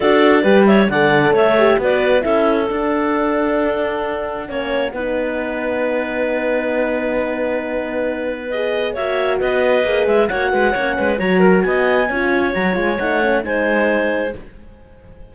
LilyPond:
<<
  \new Staff \with { instrumentName = "clarinet" } { \time 4/4 \tempo 4 = 134 d''4. e''8 fis''4 e''4 | d''4 e''4 fis''2~ | fis''1~ | fis''1~ |
fis''2. dis''4 | e''4 dis''4. e''8 fis''4~ | fis''4 ais''4 gis''2 | ais''8 gis''8 fis''4 gis''2 | }
  \new Staff \with { instrumentName = "clarinet" } { \time 4/4 a'4 b'8 cis''8 d''4 cis''4 | b'4 a'2.~ | a'2 cis''4 b'4~ | b'1~ |
b'1 | cis''4 b'2 cis''8 b'8 | cis''8 b'8 cis''8 ais'8 dis''4 cis''4~ | cis''2 c''2 | }
  \new Staff \with { instrumentName = "horn" } { \time 4/4 fis'4 g'4 a'4. g'8 | fis'4 e'4 d'2~ | d'2 cis'4 dis'4~ | dis'1~ |
dis'2. gis'4 | fis'2 gis'4 fis'4 | cis'4 fis'2 f'4 | fis'8 f'8 dis'8 cis'8 dis'2 | }
  \new Staff \with { instrumentName = "cello" } { \time 4/4 d'4 g4 d4 a4 | b4 cis'4 d'2~ | d'2 ais4 b4~ | b1~ |
b1 | ais4 b4 ais8 gis8 ais8 gis8 | ais8 gis8 fis4 b4 cis'4 | fis8 gis8 a4 gis2 | }
>>